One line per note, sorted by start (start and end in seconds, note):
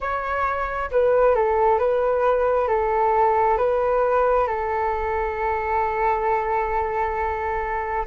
0.00 0.90 C#5
0.91 1.35 B4
1.35 1.79 A4
1.79 2.67 B4
2.67 3.57 A4
3.57 4.47 B4
4.47 8.05 A4